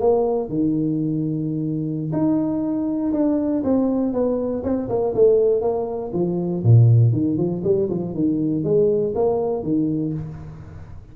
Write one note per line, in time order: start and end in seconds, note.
0.00 0.49 A#3
0.49 2.11 D#3
2.12 3.12 D#4
3.13 3.63 D4
3.64 4.13 C4
4.13 4.63 B3
4.63 4.88 C4
4.89 5.14 A#3
5.15 5.61 A3
5.61 6.11 A#3
6.13 6.63 F3
6.63 7.12 A#2
7.12 7.37 D#3
7.37 7.62 F3
7.64 7.89 G3
7.89 8.14 F3
8.14 8.64 D#3
8.64 9.14 G#3
9.15 9.63 A#3
9.63 10.13 D#3